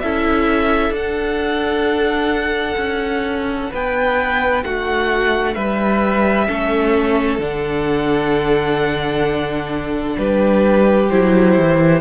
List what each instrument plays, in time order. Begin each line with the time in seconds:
0.00 cello C#4, viola E4, violin A4 E5
0.89 cello D4, viola D4
0.96 violin F#5
2.77 cello C#4
3.72 cello B3, violin B4 G5
4.63 cello A3, violin F#4 F#5
5.54 cello G3, violin B4 E5
6.47 cello A3, viola C#4, violin A4
7.38 cello D3, viola D4, violin F#5
10.17 cello G3, violin G4 B4
11.09 cello F#3, viola E4, violin C5
11.57 cello E3